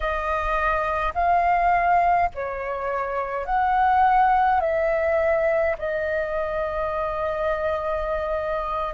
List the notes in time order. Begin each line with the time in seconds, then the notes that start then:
0.00 D#5
1.14 F5
2.34 C#5
3.45 F#5
4.60 E5
5.78 D#5